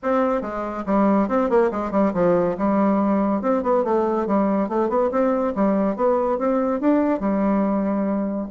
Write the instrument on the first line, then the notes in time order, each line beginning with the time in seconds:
bassoon
0.03 C4
0.41 G#3
0.85 G3
1.28 C4
1.49 A#3
1.71 G#3
1.91 G3
2.13 F3
2.57 G3
3.41 C4
3.62 B3
3.84 A3
4.26 G3
4.68 A3
4.89 B3
5.11 C4
5.55 G3
5.96 B3
6.38 C4
6.80 D4
7.19 G3